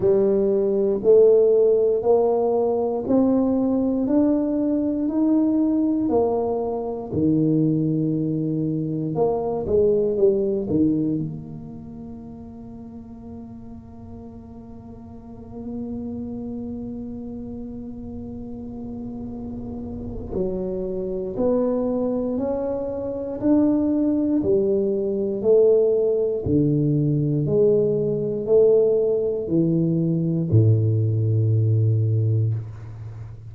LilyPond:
\new Staff \with { instrumentName = "tuba" } { \time 4/4 \tempo 4 = 59 g4 a4 ais4 c'4 | d'4 dis'4 ais4 dis4~ | dis4 ais8 gis8 g8 dis8 ais4~ | ais1~ |
ais1 | fis4 b4 cis'4 d'4 | g4 a4 d4 gis4 | a4 e4 a,2 | }